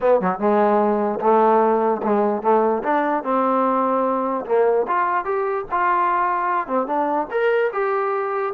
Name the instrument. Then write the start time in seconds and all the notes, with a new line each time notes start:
trombone
0.00 B3
0.20 F#3
0.38 G#3
1.20 A3
2.03 G#3
2.42 A3
2.83 D4
3.23 C4
4.45 A#3
4.87 F4
5.24 G4
5.71 F4
6.67 C4
6.86 D4
7.30 A#4
7.72 G4